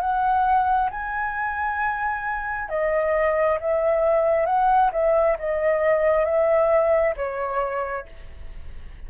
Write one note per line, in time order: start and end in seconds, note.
0.00 0.90 F#5
0.90 2.69 G#5
2.69 3.58 D#5
3.60 4.46 E5
4.46 4.91 F#5
4.92 5.37 E5
5.38 6.25 D#5
6.25 7.14 E5
7.16 8.06 C#5